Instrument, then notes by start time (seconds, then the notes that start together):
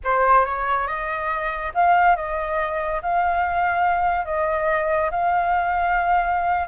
flute
0.03 C5
0.45 C#5
0.87 D#5
1.74 F5
2.16 D#5
3.02 F5
4.25 D#5
5.10 F5